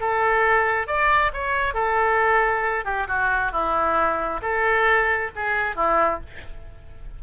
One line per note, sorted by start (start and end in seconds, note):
0.00 0.87 A4
0.87 1.32 D5
1.33 1.74 C#5
1.74 2.85 A4
2.85 3.07 G4
3.07 3.52 F#4
3.52 4.41 E4
4.42 5.31 A4
5.36 5.76 G#4
5.76 6.20 E4